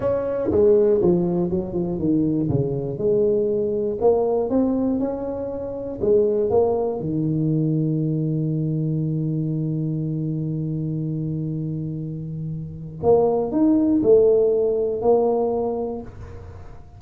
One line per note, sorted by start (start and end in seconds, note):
0.00 0.50 C#4
0.51 1.01 G#3
1.01 1.50 F3
1.50 1.73 F#3
1.73 1.98 F3
1.98 2.48 D#3
2.49 2.97 C#3
2.97 3.97 G#3
4.00 4.49 A#3
4.49 4.99 C4
4.99 5.99 C#4
6.01 6.50 G#3
6.50 7.00 A#3
7.00 13.00 D#3
13.02 13.51 A#3
13.51 14.01 D#4
14.02 15.01 A3
15.01 16.01 A#3